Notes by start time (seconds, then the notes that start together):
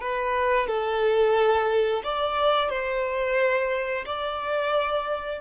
0.00 B4
0.67 A4
2.03 D5
2.69 C5
4.05 D5